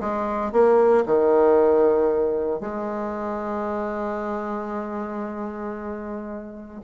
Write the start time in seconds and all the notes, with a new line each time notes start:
0.00 G#3
0.52 A#3
1.06 D#3
2.60 G#3